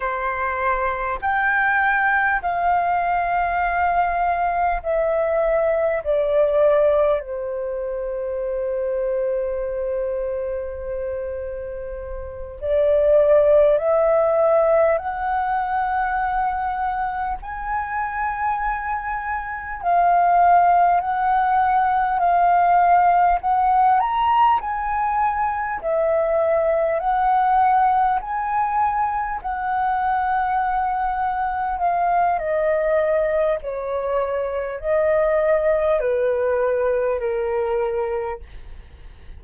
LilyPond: \new Staff \with { instrumentName = "flute" } { \time 4/4 \tempo 4 = 50 c''4 g''4 f''2 | e''4 d''4 c''2~ | c''2~ c''8 d''4 e''8~ | e''8 fis''2 gis''4.~ |
gis''8 f''4 fis''4 f''4 fis''8 | ais''8 gis''4 e''4 fis''4 gis''8~ | gis''8 fis''2 f''8 dis''4 | cis''4 dis''4 b'4 ais'4 | }